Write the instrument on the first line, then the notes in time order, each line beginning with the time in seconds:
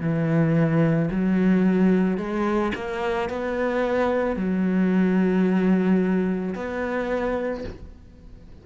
cello
0.00 E3
1.11 F#3
2.17 G#3
2.75 A#3
3.29 B3
4.36 F#3
6.55 B3